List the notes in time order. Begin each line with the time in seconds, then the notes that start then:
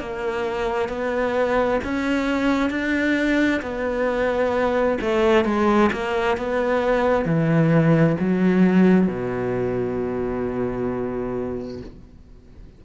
0.00 A#3
0.88 B3
1.84 C#4
2.70 D4
3.62 B3
5.01 A3
5.45 G#3
5.93 A#3
6.37 B3
7.25 E3
8.20 F#3
9.08 B2